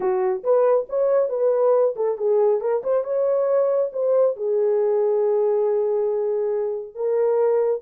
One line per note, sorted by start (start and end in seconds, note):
0.00 0.43 F#4
0.43 0.87 B4
0.89 1.29 C#5
1.29 1.94 B4
1.96 2.17 A4
2.17 2.60 G#4
2.60 2.82 A#4
2.83 3.04 C5
3.04 3.91 C#5
3.92 4.36 C5
4.36 6.94 G#4
6.94 7.81 A#4